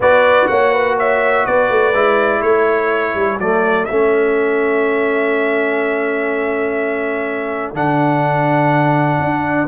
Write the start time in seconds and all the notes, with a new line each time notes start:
0.00 B3 F#4 B4 D5
0.47 A#3 C#5 F#5
0.72 B4
0.97 C#5 E5
1.45 B3 B4 D5
1.70 A3
1.93 G#3 E4
2.41 A3 A4 C#5
3.15 G3
3.39 F#3 A3 D5
3.85 A3 C#4 E5
7.73 D3 D4 F#5
9.19 D4